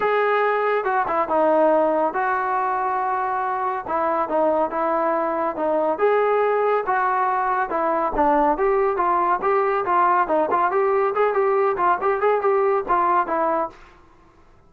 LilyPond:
\new Staff \with { instrumentName = "trombone" } { \time 4/4 \tempo 4 = 140 gis'2 fis'8 e'8 dis'4~ | dis'4 fis'2.~ | fis'4 e'4 dis'4 e'4~ | e'4 dis'4 gis'2 |
fis'2 e'4 d'4 | g'4 f'4 g'4 f'4 | dis'8 f'8 g'4 gis'8 g'4 f'8 | g'8 gis'8 g'4 f'4 e'4 | }